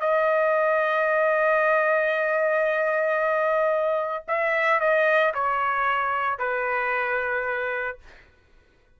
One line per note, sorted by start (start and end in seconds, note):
0.00 4.25 D#5
4.27 4.80 E5
4.80 5.33 D#5
5.34 6.38 C#5
6.38 7.98 B4